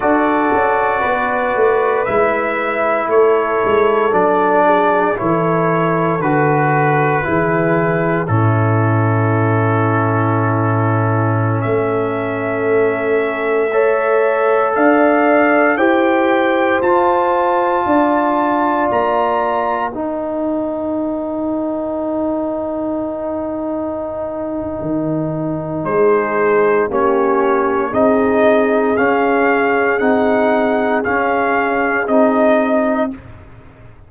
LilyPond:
<<
  \new Staff \with { instrumentName = "trumpet" } { \time 4/4 \tempo 4 = 58 d''2 e''4 cis''4 | d''4 cis''4 b'2 | a'2.~ a'16 e''8.~ | e''2~ e''16 f''4 g''8.~ |
g''16 a''2 ais''4 g''8.~ | g''1~ | g''4 c''4 cis''4 dis''4 | f''4 fis''4 f''4 dis''4 | }
  \new Staff \with { instrumentName = "horn" } { \time 4/4 a'4 b'2 a'4~ | a'8 gis'8 a'2 gis'4 | e'2.~ e'16 a'8.~ | a'4~ a'16 cis''4 d''4 c''8.~ |
c''4~ c''16 d''2 ais'8.~ | ais'1~ | ais'4 gis'4 g'4 gis'4~ | gis'1 | }
  \new Staff \with { instrumentName = "trombone" } { \time 4/4 fis'2 e'2 | d'4 e'4 fis'4 e'4 | cis'1~ | cis'4~ cis'16 a'2 g'8.~ |
g'16 f'2. dis'8.~ | dis'1~ | dis'2 cis'4 dis'4 | cis'4 dis'4 cis'4 dis'4 | }
  \new Staff \with { instrumentName = "tuba" } { \time 4/4 d'8 cis'8 b8 a8 gis4 a8 gis8 | fis4 e4 d4 e4 | a,2.~ a,16 a8.~ | a2~ a16 d'4 e'8.~ |
e'16 f'4 d'4 ais4 dis'8.~ | dis'1 | dis4 gis4 ais4 c'4 | cis'4 c'4 cis'4 c'4 | }
>>